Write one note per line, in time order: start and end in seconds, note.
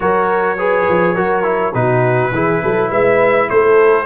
0.00 0.88 F#3
0.00 0.57 F#4
0.00 0.57 A#4
0.00 1.73 C#5
0.57 1.16 G#4
0.57 1.14 B4
0.88 1.17 F3
1.14 1.74 F#3
1.14 1.43 F#4
1.14 1.73 A#4
1.43 1.72 E4
1.73 2.31 B2
1.73 2.32 D#4
1.73 2.33 F#4
1.73 2.90 B4
2.31 2.60 E3
2.31 4.05 E4
2.31 2.62 G#4
2.62 2.90 F#3
2.62 2.89 A4
2.89 3.48 G#3
2.89 3.48 B4
2.89 3.49 E5
3.49 4.05 A3
3.49 4.05 A4
3.49 4.05 C5